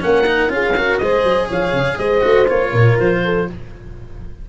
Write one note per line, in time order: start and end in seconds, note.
0.00 0.49 A#3
0.00 0.25 C#4
0.00 0.53 A#4
0.00 0.52 F#5
0.26 0.49 D#4
0.49 0.98 C#4
0.49 0.74 F4
0.49 0.78 G#4
0.49 0.98 F5
0.77 1.01 F#4
0.77 1.02 A#4
0.98 1.24 G#3
0.98 2.21 G#4
0.98 1.48 C5
0.98 1.47 D#5
1.24 1.48 F#3
1.48 1.73 F3
1.48 1.97 C#5
1.48 1.98 F5
1.73 1.97 C#3
1.98 2.23 G#3
1.98 2.71 C5
1.98 2.47 D#5
2.21 2.49 A3
2.21 2.46 F#4
2.48 2.72 A#3
2.48 3.46 F4
2.48 2.98 C#5
2.71 2.97 A#2
2.71 3.20 A#4
2.99 3.49 F3
2.99 3.48 C5
3.24 3.49 A4